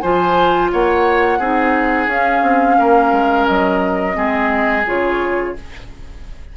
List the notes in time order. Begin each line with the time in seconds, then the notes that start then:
0.00 F3 F4 C5 G#5
0.72 A#3 C#5 F#5
1.39 C4 D#4 G#4
2.07 C#4 F5
2.42 C4
2.79 A#3 A#4
3.12 G#3
3.47 F#3 D#5
4.14 G#3 C4 G#4
4.86 C#3 F4 C#5